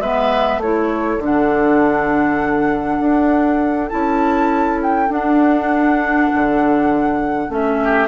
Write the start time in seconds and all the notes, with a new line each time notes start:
0.00 G#3 B3 B4 E5
0.58 A3 E4 A4 C#5
1.20 D3 D4 F#5
3.00 D4
3.90 C#4 E4 A5
4.83 G5
5.10 D4 F#5
6.35 D3
7.49 A3 C#4 E5
7.84 G4